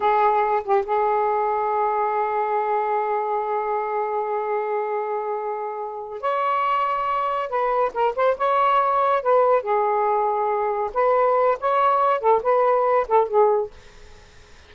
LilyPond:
\new Staff \with { instrumentName = "saxophone" } { \time 4/4 \tempo 4 = 140 gis'4. g'8 gis'2~ | gis'1~ | gis'1~ | gis'2~ gis'8 cis''4.~ |
cis''4. b'4 ais'8 c''8 cis''8~ | cis''4. b'4 gis'4.~ | gis'4. b'4. cis''4~ | cis''8 a'8 b'4. a'8 gis'4 | }